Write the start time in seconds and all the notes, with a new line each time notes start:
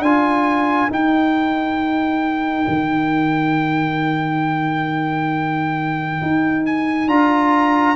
0.00 D4 F4 A#4 G#5
0.90 D#4 G5
2.68 D#3
6.22 D#4
6.66 G#5
7.08 D4 F4 A#5